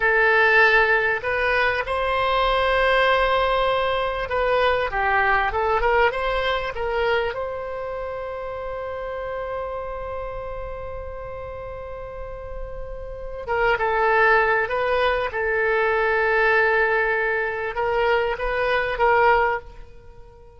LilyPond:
\new Staff \with { instrumentName = "oboe" } { \time 4/4 \tempo 4 = 98 a'2 b'4 c''4~ | c''2. b'4 | g'4 a'8 ais'8 c''4 ais'4 | c''1~ |
c''1~ | c''2 ais'8 a'4. | b'4 a'2.~ | a'4 ais'4 b'4 ais'4 | }